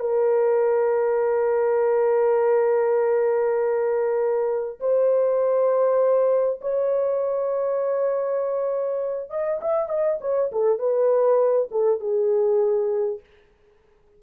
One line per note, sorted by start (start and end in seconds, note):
0.00 4.80 A#4
4.80 6.60 C5
6.62 9.31 C#5
9.31 9.61 D#5
9.62 9.89 E5
9.89 10.19 D#5
10.21 10.51 C#5
10.52 10.79 A4
10.79 11.69 B4
11.71 12.00 A4
12.00 13.20 G#4